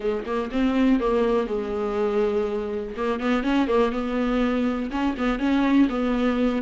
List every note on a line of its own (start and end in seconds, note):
0.00 0.24 G#3
0.25 0.50 A#3
0.51 1.00 C4
1.00 1.47 A#3
1.47 2.94 G#3
2.96 3.19 A#3
3.19 3.43 B3
3.43 3.67 C#4
3.67 3.91 A#3
3.91 4.90 B3
4.90 5.15 C#4
5.17 5.39 B3
5.39 5.88 C#4
5.89 6.62 B3